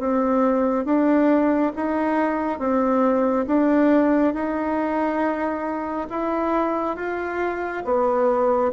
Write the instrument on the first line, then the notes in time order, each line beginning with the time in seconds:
bassoon
0.00 C4
0.86 D4
1.76 D#4
2.59 C4
3.47 D4
4.34 D#4
6.10 E4
6.97 F4
7.85 B3